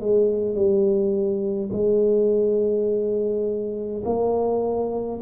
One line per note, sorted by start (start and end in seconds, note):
0.00 0.55 G#3
0.55 1.70 G3
1.72 4.03 G#3
4.04 5.20 A#3